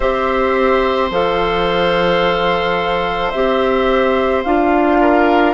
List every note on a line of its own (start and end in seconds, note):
0.00 1.10 C4
0.00 1.11 G4
0.00 4.98 C5
0.00 1.09 E5
1.10 3.32 F3
1.10 3.34 A4
1.10 3.30 F5
3.30 4.44 C4
3.30 4.45 G4
3.30 4.41 E5
4.43 5.54 D4
4.43 5.54 F4
4.43 5.54 F5
5.00 5.54 A#4